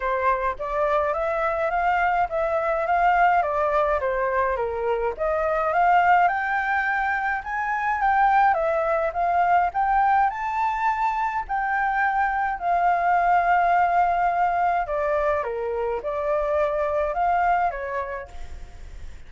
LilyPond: \new Staff \with { instrumentName = "flute" } { \time 4/4 \tempo 4 = 105 c''4 d''4 e''4 f''4 | e''4 f''4 d''4 c''4 | ais'4 dis''4 f''4 g''4~ | g''4 gis''4 g''4 e''4 |
f''4 g''4 a''2 | g''2 f''2~ | f''2 d''4 ais'4 | d''2 f''4 cis''4 | }